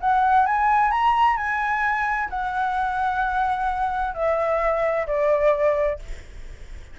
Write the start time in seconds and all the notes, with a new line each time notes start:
0.00 F#5
0.46 G#5
0.91 A#5
1.37 G#5
2.30 F#5
4.14 E5
5.06 D5